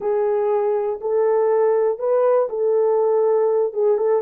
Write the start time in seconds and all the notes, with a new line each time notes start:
0.00 G#4
1.01 A4
1.98 B4
2.49 A4
3.73 G#4
3.97 A4